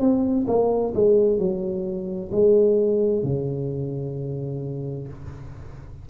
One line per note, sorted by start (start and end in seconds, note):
0.00 0.46 C4
0.47 0.93 A#3
0.94 1.38 G#3
1.38 2.30 F#3
2.32 3.23 G#3
3.23 5.08 C#3